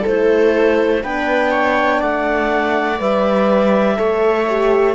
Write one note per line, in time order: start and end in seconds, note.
0.00 0.98 A4
0.06 1.04 A3
0.06 1.04 E4
0.06 1.04 C5
1.03 2.02 B3
1.03 2.99 D4
1.03 1.51 B4
1.03 2.02 G5
1.51 2.00 C#5
2.00 3.00 A3
2.00 3.97 D5
2.00 3.00 F#5
2.99 3.98 G3
2.99 3.97 B4
2.99 4.95 E5
3.97 4.95 A3
3.97 4.46 A4
3.97 4.95 C#5
4.49 4.95 G4